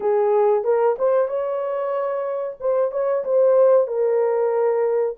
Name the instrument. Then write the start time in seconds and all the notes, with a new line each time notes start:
horn
0.00 G#4
0.63 A#4
0.98 C5
1.28 C#5
2.60 C5
2.91 C#5
3.24 C5
3.87 A#4